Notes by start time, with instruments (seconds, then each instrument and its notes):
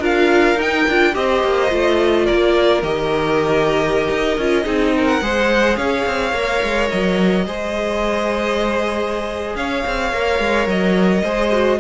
0.00 cello D4, viola F4, violin A#4 F5
0.56 cello D#4, viola D#4, violin G5
0.89 cello D4, viola F4
1.13 cello C4, viola G4, violin C5 D#5
1.44 cello A#3
1.70 cello A3, viola F4
2.26 cello A#3, violin A#4 D5
2.83 cello D#3, viola G4, violin D#5
4.10 cello D#4
4.38 cello C#4, viola F4
4.64 cello C4, viola D#4, violin G#4
4.97 violin A#4
5.07 violin F#5
5.21 cello G#3, viola G#4, violin C5
5.77 cello C#4, violin C#5 F5
6.06 cello C4
6.33 cello A#3, viola A#4
6.63 cello G#3
6.90 cello F#3, violin D#5
7.46 cello G#3, viola G#4, violin C5
9.55 cello C#4, violin C#5 F5
9.87 cello C4
10.13 cello A#3, viola A#4
10.39 cello G#3
10.67 cello F#3, violin D#5
11.23 cello G#3, viola G#4, violin C5
11.52 viola F#4